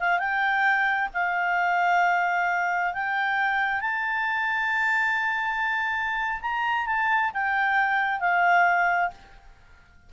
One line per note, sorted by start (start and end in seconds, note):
0.00 0.19 F5
0.19 1.09 G5
1.14 2.94 F5
2.94 3.81 G5
3.81 6.41 A5
6.42 6.87 A#5
6.87 7.32 A5
7.34 8.20 G5
8.20 9.10 F5